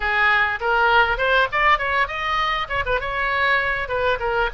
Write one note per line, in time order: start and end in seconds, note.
0.00 0.59 G#4
0.60 1.17 A#4
1.17 1.47 C5
1.52 1.78 D5
1.78 2.07 C#5
2.07 2.67 D#5
2.68 2.84 C#5
2.85 3.00 B4
3.00 3.88 C#5
3.88 4.18 B4
4.19 4.49 A#4